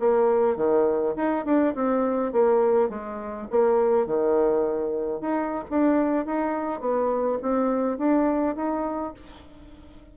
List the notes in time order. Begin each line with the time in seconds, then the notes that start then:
0.00 A#3
0.57 D#3
1.17 D#4
1.46 D4
1.75 C4
2.33 A#3
2.90 G#3
3.51 A#3
4.07 D#3
5.21 D#4
5.70 D4
6.26 D#4
6.81 B3
7.42 C4
7.99 D4
8.56 D#4